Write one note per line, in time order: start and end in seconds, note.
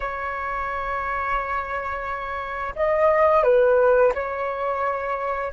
0.00 2.74 C#5
2.75 3.43 D#5
3.43 4.12 B4
4.14 5.52 C#5